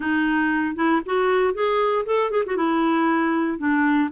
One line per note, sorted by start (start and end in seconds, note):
0.00 0.75 D#4
0.75 1.01 E4
1.05 1.54 F#4
1.54 2.05 G#4
2.05 2.30 A4
2.30 2.43 G#4
2.46 2.56 F#4
2.56 3.58 E4
3.58 4.09 D4